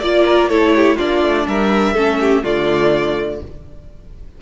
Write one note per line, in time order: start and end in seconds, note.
0.00 0.49 A#3
0.00 0.51 F4
0.00 0.24 D5
0.00 0.49 D5
0.26 0.50 A#4
0.49 0.97 A3
0.49 0.99 E4
0.49 0.74 A4
0.49 0.98 C#5
0.76 0.96 G4
0.96 1.23 A#3
0.96 1.96 D4
0.96 1.44 F4
0.96 1.47 D5
1.23 1.47 A3
1.48 1.95 G3
1.48 1.94 A#4
1.48 2.45 E5
1.94 2.44 A3
1.94 2.44 C#4
1.94 2.18 A4
2.21 2.44 G4
2.44 3.42 D3
2.44 3.41 A3
2.44 3.41 F4
2.44 3.41 D5